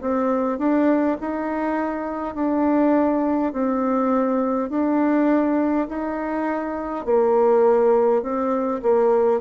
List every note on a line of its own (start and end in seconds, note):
0.00 0.58 C4
0.58 1.17 D4
1.20 2.35 D#4
2.35 3.52 D4
3.52 4.70 C4
4.70 5.87 D4
5.88 7.05 D#4
7.05 8.22 A#3
8.22 8.81 C4
8.82 9.40 A#3